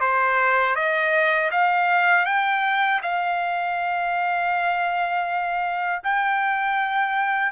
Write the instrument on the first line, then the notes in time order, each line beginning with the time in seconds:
trumpet
0.00 C5
0.75 D#5
1.51 F5
2.25 G5
3.02 F5
6.03 G5